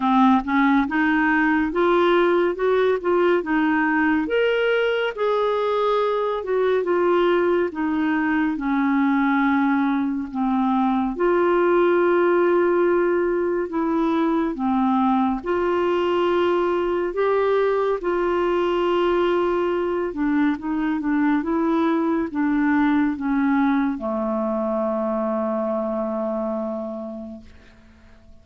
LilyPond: \new Staff \with { instrumentName = "clarinet" } { \time 4/4 \tempo 4 = 70 c'8 cis'8 dis'4 f'4 fis'8 f'8 | dis'4 ais'4 gis'4. fis'8 | f'4 dis'4 cis'2 | c'4 f'2. |
e'4 c'4 f'2 | g'4 f'2~ f'8 d'8 | dis'8 d'8 e'4 d'4 cis'4 | a1 | }